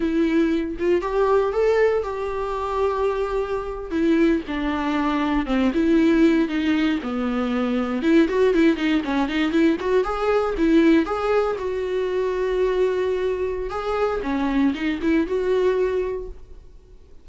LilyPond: \new Staff \with { instrumentName = "viola" } { \time 4/4 \tempo 4 = 118 e'4. f'8 g'4 a'4 | g'2.~ g'8. e'16~ | e'8. d'2 c'8 e'8.~ | e'8. dis'4 b2 e'16~ |
e'16 fis'8 e'8 dis'8 cis'8 dis'8 e'8 fis'8 gis'16~ | gis'8. e'4 gis'4 fis'4~ fis'16~ | fis'2. gis'4 | cis'4 dis'8 e'8 fis'2 | }